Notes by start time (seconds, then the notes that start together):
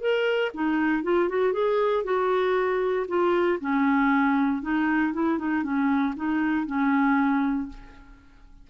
0.00 A#4
0.54 D#4
1.03 F4
1.28 F#4
1.52 G#4
2.03 F#4
3.07 F4
3.60 C#4
4.62 D#4
5.13 E4
5.38 D#4
5.63 C#4
6.15 D#4
6.66 C#4